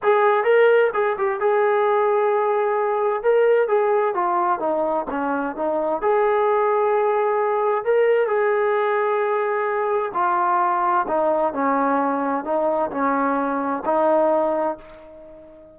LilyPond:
\new Staff \with { instrumentName = "trombone" } { \time 4/4 \tempo 4 = 130 gis'4 ais'4 gis'8 g'8 gis'4~ | gis'2. ais'4 | gis'4 f'4 dis'4 cis'4 | dis'4 gis'2.~ |
gis'4 ais'4 gis'2~ | gis'2 f'2 | dis'4 cis'2 dis'4 | cis'2 dis'2 | }